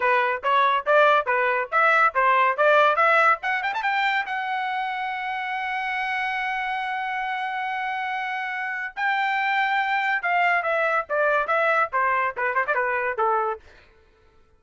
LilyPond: \new Staff \with { instrumentName = "trumpet" } { \time 4/4 \tempo 4 = 141 b'4 cis''4 d''4 b'4 | e''4 c''4 d''4 e''4 | fis''8 g''16 a''16 g''4 fis''2~ | fis''1~ |
fis''1~ | fis''4 g''2. | f''4 e''4 d''4 e''4 | c''4 b'8 c''16 d''16 b'4 a'4 | }